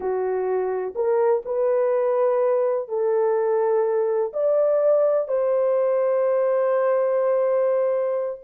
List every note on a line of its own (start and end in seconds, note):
0.00 0.94 F#4
0.95 1.43 A#4
1.45 2.88 B4
2.88 4.32 A4
4.33 5.28 D5
5.28 8.40 C5